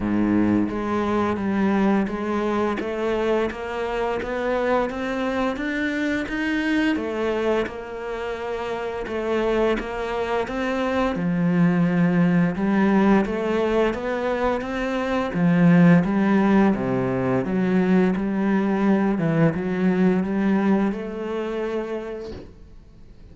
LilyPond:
\new Staff \with { instrumentName = "cello" } { \time 4/4 \tempo 4 = 86 gis,4 gis4 g4 gis4 | a4 ais4 b4 c'4 | d'4 dis'4 a4 ais4~ | ais4 a4 ais4 c'4 |
f2 g4 a4 | b4 c'4 f4 g4 | c4 fis4 g4. e8 | fis4 g4 a2 | }